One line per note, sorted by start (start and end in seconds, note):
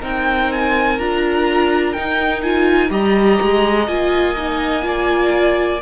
0.00 0.99 C4
0.00 0.97 D#4
0.00 2.91 A#4
0.00 0.52 G5
0.52 0.99 G#5
0.99 1.95 D4
0.99 1.95 F4
0.99 1.93 A#5
1.93 2.44 D#4
1.93 2.90 D#4
1.93 2.41 G5
2.42 2.89 F4
2.42 2.91 G#5
2.89 3.39 G3
2.89 3.85 G4
2.89 4.84 D#5
2.89 3.87 A#5
3.41 3.87 G#3
3.87 5.81 A#3
3.87 4.36 F4
3.87 5.81 G#5
4.36 4.82 D#4
4.82 5.79 F4
4.82 5.81 D5